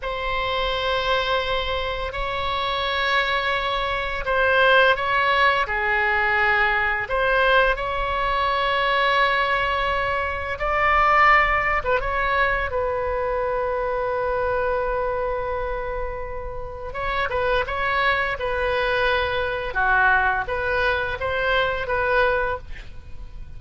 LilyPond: \new Staff \with { instrumentName = "oboe" } { \time 4/4 \tempo 4 = 85 c''2. cis''4~ | cis''2 c''4 cis''4 | gis'2 c''4 cis''4~ | cis''2. d''4~ |
d''8. b'16 cis''4 b'2~ | b'1 | cis''8 b'8 cis''4 b'2 | fis'4 b'4 c''4 b'4 | }